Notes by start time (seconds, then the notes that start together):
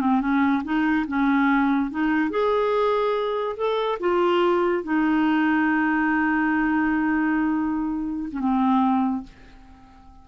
0.00 C4
0.20 C#4
0.64 D#4
1.07 C#4
1.91 D#4
2.30 G#4
3.56 A4
3.99 F4
4.83 D#4
8.32 C#4
8.39 C4